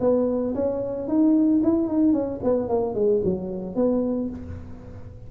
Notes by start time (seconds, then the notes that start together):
0.00 B3
0.54 C#4
1.08 D#4
1.63 E4
1.87 D#4
2.13 C#4
2.43 B3
2.69 A#3
2.94 G#3
3.24 F#3
3.75 B3